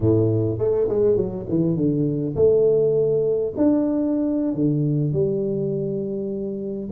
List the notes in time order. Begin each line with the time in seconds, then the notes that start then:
0.00 A2
0.58 A3
0.89 G#3
1.16 F#3
1.49 E3
1.76 D3
2.35 A3
3.56 D4
4.54 D3
5.12 G3